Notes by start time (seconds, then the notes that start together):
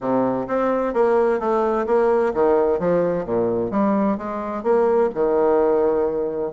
0.00 C3
0.47 C4
0.93 A#3
1.39 A3
1.86 A#3
2.34 D#3
2.79 F3
3.25 A#2
3.71 G3
4.17 G#3
4.63 A#3
5.14 D#3